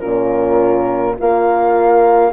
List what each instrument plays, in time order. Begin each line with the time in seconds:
0.00 bassoon A#2, horn C#4 F4, flute A#4
1.18 bassoon A#3, horn F4 A#4, flute F5